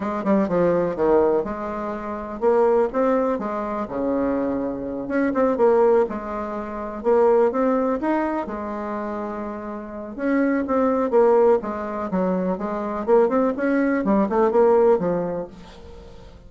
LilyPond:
\new Staff \with { instrumentName = "bassoon" } { \time 4/4 \tempo 4 = 124 gis8 g8 f4 dis4 gis4~ | gis4 ais4 c'4 gis4 | cis2~ cis8 cis'8 c'8 ais8~ | ais8 gis2 ais4 c'8~ |
c'8 dis'4 gis2~ gis8~ | gis4 cis'4 c'4 ais4 | gis4 fis4 gis4 ais8 c'8 | cis'4 g8 a8 ais4 f4 | }